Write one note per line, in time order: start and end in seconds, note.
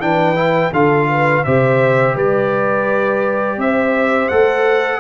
0.00 0.71 E3
0.00 0.36 D4
0.00 0.73 B4
0.00 0.73 G5
0.36 0.72 E4
0.72 1.44 D3
0.72 1.45 F4
0.72 1.09 A4
0.72 1.45 F5
1.10 1.45 B4
1.45 2.16 C3
1.45 4.31 G4
1.45 2.15 C5
1.45 2.16 E5
2.15 3.58 G3
2.15 3.58 B4
2.15 3.61 D5
3.58 4.29 C4
3.58 5.01 C5
3.58 4.29 E5
4.29 5.01 A3
4.29 5.01 A4
4.29 5.01 F#5